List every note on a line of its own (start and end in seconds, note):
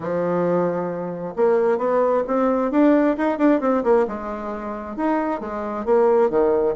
0.00 1.34 F3
1.35 1.77 A#3
1.77 2.22 B3
2.27 2.71 C4
2.71 3.16 D4
3.17 3.38 D#4
3.38 3.60 D4
3.60 3.83 C4
3.83 4.06 A#3
4.07 4.96 G#3
4.96 5.40 D#4
5.40 5.85 G#3
5.85 6.30 A#3
6.30 6.75 D#3